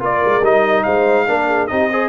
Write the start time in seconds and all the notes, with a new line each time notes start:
0.00 A#3 F4 A#4 D5
0.25 G#3
0.43 G3 D#4 D#5
0.84 G#3 C5 F5
1.28 A#3 D4 A#4
1.49 G#4
1.68 C4 D#4 G4 D#5
1.92 G#4 C5